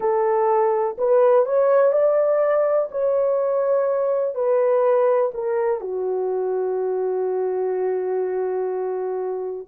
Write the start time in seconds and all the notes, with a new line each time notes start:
0.00 A4
0.98 B4
1.45 C#5
1.92 D5
2.91 C#5
4.34 B4
5.34 A#4
5.80 F#4